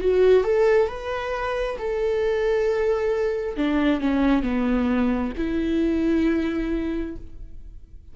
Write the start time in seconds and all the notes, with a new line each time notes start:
0.00 F#4
0.44 A4
0.88 B4
1.78 A4
3.57 D4
4.00 C#4
4.42 B3
5.37 E4